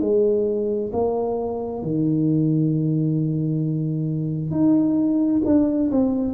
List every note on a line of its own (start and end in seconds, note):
0.00 0.91 G#3
0.93 1.82 A#3
1.82 4.51 D#3
4.51 5.42 D#4
5.45 5.90 D4
5.91 6.33 C4